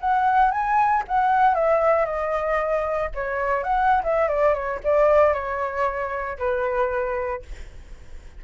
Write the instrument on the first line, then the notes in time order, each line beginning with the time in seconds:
flute
0.00 F#5
0.51 G#5
1.08 F#5
1.55 E5
2.06 D#5
3.15 C#5
3.64 F#5
4.03 E5
4.28 D5
4.54 C#5
4.84 D5
5.33 C#5
6.38 B4